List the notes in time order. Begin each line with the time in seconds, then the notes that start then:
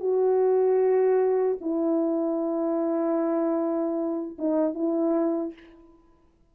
0.00 F#4
1.61 E4
4.39 D#4
4.74 E4